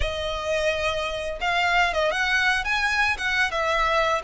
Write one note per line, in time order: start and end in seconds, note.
0.00 1.39 D#5
1.41 1.93 F5
1.93 2.11 D#5
2.11 2.64 F#5
2.64 3.17 G#5
3.17 3.51 F#5
3.51 4.21 E5